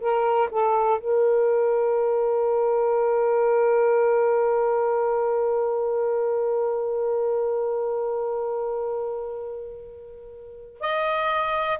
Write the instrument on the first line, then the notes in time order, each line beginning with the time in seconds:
saxophone
0.00 A#4
0.51 A4
1.00 A#4
10.80 D#5